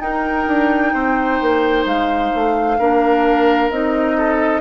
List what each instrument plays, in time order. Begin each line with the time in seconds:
0.00 clarinet D#4, bassoon D#4, oboe A#4, flute G5
0.47 bassoon D4
0.93 bassoon C4, oboe C5
1.42 bassoon A#3
1.86 bassoon G#3, flute F5
2.35 bassoon A3
2.79 bassoon A#3, clarinet D4, oboe A#4
3.71 bassoon C4, clarinet D#4, flute D#5
4.18 oboe A4